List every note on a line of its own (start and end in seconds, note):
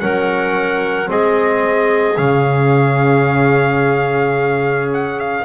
0.00 1.11 F#3
0.00 1.06 C#4
0.00 1.09 A#4
0.00 1.09 F#5
1.06 2.18 G#3
1.06 2.15 C4
1.06 5.45 G#4
1.06 2.17 D#5
2.17 5.45 C#3
2.17 5.45 C#4
2.17 4.90 F5
4.93 5.20 F#5
5.20 5.45 F5